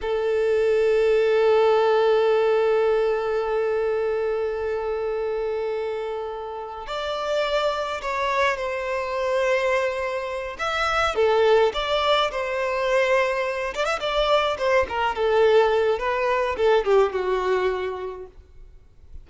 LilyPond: \new Staff \with { instrumentName = "violin" } { \time 4/4 \tempo 4 = 105 a'1~ | a'1~ | a'1 | d''2 cis''4 c''4~ |
c''2~ c''8 e''4 a'8~ | a'8 d''4 c''2~ c''8 | d''16 e''16 d''4 c''8 ais'8 a'4. | b'4 a'8 g'8 fis'2 | }